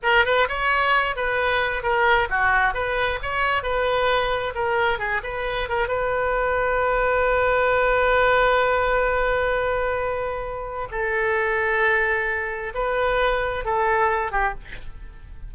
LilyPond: \new Staff \with { instrumentName = "oboe" } { \time 4/4 \tempo 4 = 132 ais'8 b'8 cis''4. b'4. | ais'4 fis'4 b'4 cis''4 | b'2 ais'4 gis'8 b'8~ | b'8 ais'8 b'2.~ |
b'1~ | b'1 | a'1 | b'2 a'4. g'8 | }